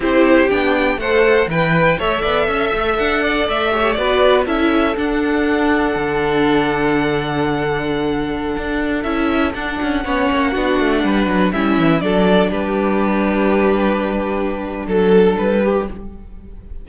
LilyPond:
<<
  \new Staff \with { instrumentName = "violin" } { \time 4/4 \tempo 4 = 121 c''4 g''4 fis''4 g''4 | e''2 fis''4 e''4 | d''4 e''4 fis''2~ | fis''1~ |
fis''2~ fis''16 e''4 fis''8.~ | fis''2.~ fis''16 e''8.~ | e''16 d''4 b'2~ b'8.~ | b'2 a'4 b'4 | }
  \new Staff \with { instrumentName = "violin" } { \time 4/4 g'2 c''4 b'4 | cis''8 d''8 e''4. d''4 cis''8 | b'4 a'2.~ | a'1~ |
a'1~ | a'16 cis''4 fis'4 b'4 e'8.~ | e'16 a'4 g'2~ g'8.~ | g'2 a'4. g'8 | }
  \new Staff \with { instrumentName = "viola" } { \time 4/4 e'4 d'4 a'4 b'4 | a'2.~ a'8 g'8 | fis'4 e'4 d'2~ | d'1~ |
d'2~ d'16 e'4 d'8.~ | d'16 cis'4 d'2 cis'8.~ | cis'16 d'2.~ d'8.~ | d'1 | }
  \new Staff \with { instrumentName = "cello" } { \time 4/4 c'4 b4 a4 e4 | a8 b8 cis'8 a8 d'4 a4 | b4 cis'4 d'2 | d1~ |
d4~ d16 d'4 cis'4 d'8 cis'16~ | cis'16 b8 ais8 b8 a8 g8 fis8 g8 e16~ | e16 fis4 g2~ g8.~ | g2 fis4 g4 | }
>>